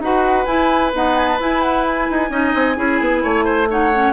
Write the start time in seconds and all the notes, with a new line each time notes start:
0.00 D#4 F#4 B4 F#5
0.46 E4 G#5
0.94 B3 D#4 F#5
1.17 G#5
1.28 A5
1.40 E4 G#5
1.62 F#5
1.86 G#5
2.10 D#4
2.30 C#4 D#4 D#5
2.55 C4
2.76 C#4 E4 G#4
3.01 B3
3.23 A3 C#5
3.45 C5
3.70 D#4 C#5 F#5
3.94 C#4